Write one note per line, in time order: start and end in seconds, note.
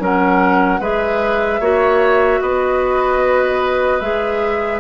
0.00 0.79 F#3
0.00 0.80 C#4
0.00 0.80 A#4
0.00 0.83 F#5
0.79 1.59 G#3
0.79 1.61 G#4
0.79 1.60 B4
0.79 2.42 E5
1.60 2.40 A#3
1.60 4.02 F#4
1.60 2.40 C#5
2.41 4.00 B3
2.41 4.80 B4
2.41 4.00 D#5
4.00 4.80 G#3
4.00 4.80 G#4
4.00 4.80 E5